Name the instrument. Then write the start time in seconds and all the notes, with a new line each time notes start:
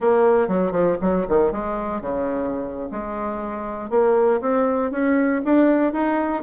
bassoon
0.00 A#3
0.48 F#3
0.71 F3
1.01 F#3
1.28 D#3
1.51 G#3
2.01 C#3
2.91 G#3
3.89 A#3
4.40 C4
4.91 C#4
5.44 D4
5.92 D#4